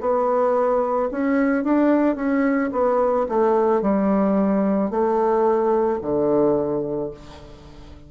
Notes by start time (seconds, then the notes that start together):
0.00 B3
1.11 C#4
1.64 D4
2.15 C#4
2.72 B3
3.28 A3
3.81 G3
4.90 A3
6.01 D3